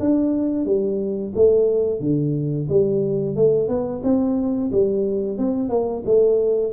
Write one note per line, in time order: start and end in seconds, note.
0.00 0.66 D4
0.66 1.33 G3
1.35 2.00 A3
2.00 2.68 D3
2.69 3.36 G3
3.36 3.68 A3
3.68 4.02 B3
4.04 4.71 C4
4.72 5.38 G3
5.38 5.69 C4
5.69 6.03 A#3
6.05 6.73 A3